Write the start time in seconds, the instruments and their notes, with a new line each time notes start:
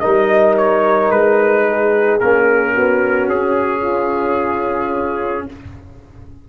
0.00 tuba G3, trombone D#4, horn A#4, trumpet D#5
0.57 trumpet C#5
1.10 tuba G#3, trumpet B4
1.69 horn G#4
2.20 tuba A#3, trombone C#4, trumpet A#4
2.74 tuba B3, horn F#4
3.28 tuba C#4, trumpet G#4
3.82 horn F4